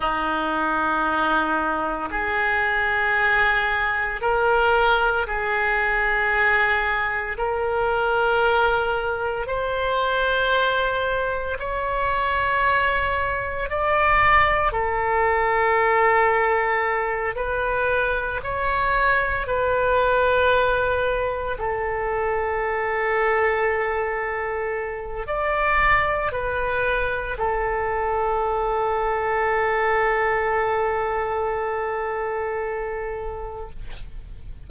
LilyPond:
\new Staff \with { instrumentName = "oboe" } { \time 4/4 \tempo 4 = 57 dis'2 gis'2 | ais'4 gis'2 ais'4~ | ais'4 c''2 cis''4~ | cis''4 d''4 a'2~ |
a'8 b'4 cis''4 b'4.~ | b'8 a'2.~ a'8 | d''4 b'4 a'2~ | a'1 | }